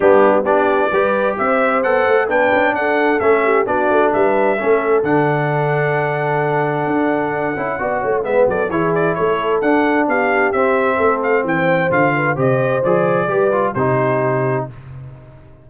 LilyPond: <<
  \new Staff \with { instrumentName = "trumpet" } { \time 4/4 \tempo 4 = 131 g'4 d''2 e''4 | fis''4 g''4 fis''4 e''4 | d''4 e''2 fis''4~ | fis''1~ |
fis''2 e''8 d''8 cis''8 d''8 | cis''4 fis''4 f''4 e''4~ | e''8 f''8 g''4 f''4 dis''4 | d''2 c''2 | }
  \new Staff \with { instrumentName = "horn" } { \time 4/4 d'4 g'4 b'4 c''4~ | c''4 b'4 a'4. g'8 | fis'4 b'4 a'2~ | a'1~ |
a'4 d''8 cis''8 b'8 a'8 gis'4 | a'2 g'2 | a'4 c''4. b'8 c''4~ | c''4 b'4 g'2 | }
  \new Staff \with { instrumentName = "trombone" } { \time 4/4 b4 d'4 g'2 | a'4 d'2 cis'4 | d'2 cis'4 d'4~ | d'1~ |
d'8 e'8 fis'4 b4 e'4~ | e'4 d'2 c'4~ | c'2 f'4 g'4 | gis'4 g'8 f'8 dis'2 | }
  \new Staff \with { instrumentName = "tuba" } { \time 4/4 g4 b4 g4 c'4 | b8 a8 b8 cis'8 d'4 a4 | b8 a8 g4 a4 d4~ | d2. d'4~ |
d'8 cis'8 b8 a8 gis8 fis8 e4 | a4 d'4 b4 c'4 | a4 e4 d4 c4 | f4 g4 c2 | }
>>